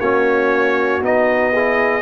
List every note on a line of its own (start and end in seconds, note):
0.00 1.02 A#3
0.00 1.03 C#4
0.00 1.53 F#4
0.00 1.02 C#5
1.02 2.03 B3
1.02 1.54 D#4
1.02 2.03 D#5
1.53 2.03 E4
1.53 2.03 G#4